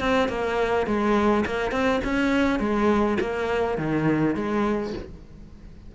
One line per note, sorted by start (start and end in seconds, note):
0.00 0.29 C4
0.29 0.87 A#3
0.87 1.45 G#3
1.46 1.72 A#3
1.72 2.01 C4
2.04 2.59 C#4
2.59 3.18 G#3
3.20 3.78 A#3
3.78 4.35 D#3
4.35 4.94 G#3